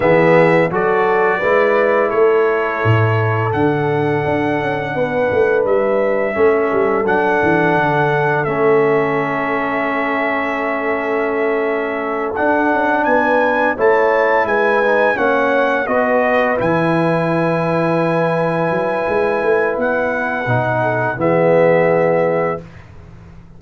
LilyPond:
<<
  \new Staff \with { instrumentName = "trumpet" } { \time 4/4 \tempo 4 = 85 e''4 d''2 cis''4~ | cis''4 fis''2. | e''2 fis''2 | e''1~ |
e''4. fis''4 gis''4 a''8~ | a''8 gis''4 fis''4 dis''4 gis''8~ | gis''1 | fis''2 e''2 | }
  \new Staff \with { instrumentName = "horn" } { \time 4/4 gis'4 a'4 b'4 a'4~ | a'2. b'4~ | b'4 a'2.~ | a'1~ |
a'2~ a'8 b'4 cis''8~ | cis''8 b'4 cis''4 b'4.~ | b'1~ | b'4. a'8 gis'2 | }
  \new Staff \with { instrumentName = "trombone" } { \time 4/4 b4 fis'4 e'2~ | e'4 d'2.~ | d'4 cis'4 d'2 | cis'1~ |
cis'4. d'2 e'8~ | e'4 dis'8 cis'4 fis'4 e'8~ | e'1~ | e'4 dis'4 b2 | }
  \new Staff \with { instrumentName = "tuba" } { \time 4/4 e4 fis4 gis4 a4 | a,4 d4 d'8 cis'8 b8 a8 | g4 a8 g8 fis8 e8 d4 | a1~ |
a4. d'8 cis'8 b4 a8~ | a8 gis4 ais4 b4 e8~ | e2~ e8 fis8 gis8 a8 | b4 b,4 e2 | }
>>